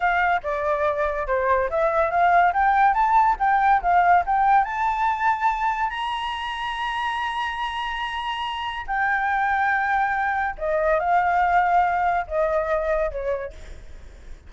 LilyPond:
\new Staff \with { instrumentName = "flute" } { \time 4/4 \tempo 4 = 142 f''4 d''2 c''4 | e''4 f''4 g''4 a''4 | g''4 f''4 g''4 a''4~ | a''2 ais''2~ |
ais''1~ | ais''4 g''2.~ | g''4 dis''4 f''2~ | f''4 dis''2 cis''4 | }